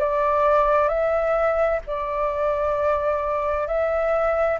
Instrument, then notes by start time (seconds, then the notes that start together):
flute
0.00 D5
0.89 E5
1.87 D5
3.68 E5